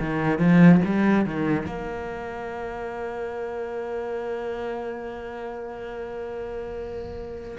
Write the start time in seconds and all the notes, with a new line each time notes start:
0.00 D#3
0.39 F3
0.85 G3
1.26 D#3
1.66 A#3